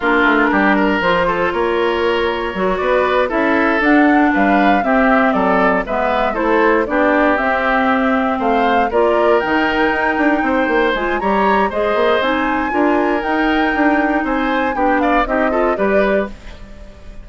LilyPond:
<<
  \new Staff \with { instrumentName = "flute" } { \time 4/4 \tempo 4 = 118 ais'2 c''4 cis''4~ | cis''4. d''4 e''4 fis''8~ | fis''8 f''4 e''4 d''4 e''8~ | e''8 c''4 d''4 e''4.~ |
e''8 f''4 d''4 g''4.~ | g''4. gis''8 ais''4 dis''4 | gis''2 g''2 | gis''4 g''8 f''8 dis''4 d''4 | }
  \new Staff \with { instrumentName = "oboe" } { \time 4/4 f'4 g'8 ais'4 a'8 ais'4~ | ais'4. b'4 a'4.~ | a'8 b'4 g'4 a'4 b'8~ | b'8 a'4 g'2~ g'8~ |
g'8 c''4 ais'2~ ais'8~ | ais'8 c''4. cis''4 c''4~ | c''4 ais'2. | c''4 g'8 d''8 g'8 a'8 b'4 | }
  \new Staff \with { instrumentName = "clarinet" } { \time 4/4 d'2 f'2~ | f'4 fis'4. e'4 d'8~ | d'4. c'2 b8~ | b8 e'4 d'4 c'4.~ |
c'4. f'4 dis'4.~ | dis'4. f'8 g'4 gis'4 | dis'4 f'4 dis'2~ | dis'4 d'4 dis'8 f'8 g'4 | }
  \new Staff \with { instrumentName = "bassoon" } { \time 4/4 ais8 a8 g4 f4 ais4~ | ais4 fis8 b4 cis'4 d'8~ | d'8 g4 c'4 fis4 gis8~ | gis8 a4 b4 c'4.~ |
c'8 a4 ais4 dis4 dis'8 | d'8 c'8 ais8 gis8 g4 gis8 ais8 | c'4 d'4 dis'4 d'4 | c'4 b4 c'4 g4 | }
>>